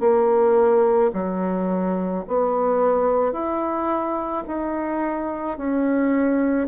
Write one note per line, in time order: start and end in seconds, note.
0.00 1.11 A#3
1.14 2.25 F#3
2.28 3.33 B3
3.33 4.44 E4
4.47 5.58 D#4
5.58 6.68 C#4